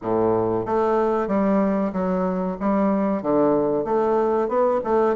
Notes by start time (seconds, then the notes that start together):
0.01 A2
0.65 A3
1.27 G3
1.92 F#3
2.60 G3
3.22 D3
3.84 A3
4.48 B3
4.84 A3